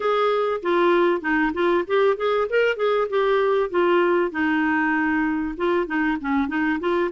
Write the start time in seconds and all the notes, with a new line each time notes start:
0.00 G#4
0.62 F4
1.21 D#4
1.53 F4
1.87 G4
2.16 G#4
2.49 A#4
2.76 G#4
3.09 G4
3.70 F4
4.31 D#4
5.57 F4
5.86 D#4
6.20 C#4
6.48 D#4
6.80 F4